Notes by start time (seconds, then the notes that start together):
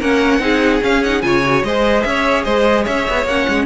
0.00 A#3 C#4 A#4 F#5
0.39 C4 D#4 G#4
0.83 C#4 F5
1.04 D#4 F#5
1.22 C#3 F4 C#5 G#5
1.45 F#4
1.63 G#3 G#4 C5 D#5
2.03 C#4 C#5 E5
2.45 G#3 C5 D#5
2.84 C#4 C#5 E5
3.10 B3
3.26 A#3 C#4 F#5
3.49 G#3